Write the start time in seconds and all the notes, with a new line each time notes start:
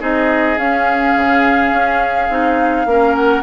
0.00 C4 D#4 G#4 D#5
0.57 C#4 F5
1.15 C#3
1.72 C#4
2.29 C4 D#4
2.86 A#3 C#4 A#4
3.15 F#5